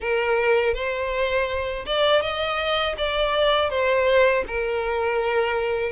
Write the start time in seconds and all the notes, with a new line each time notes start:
0.00 A#4
0.74 C5
1.86 D5
2.21 D#5
2.97 D5
3.70 C5
4.47 A#4